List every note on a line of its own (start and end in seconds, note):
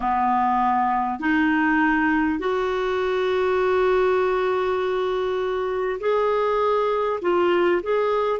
0.00 1.19 B3
1.19 2.39 D#4
2.39 5.99 F#4
6.00 7.20 G#4
7.21 7.81 F4
7.83 8.39 G#4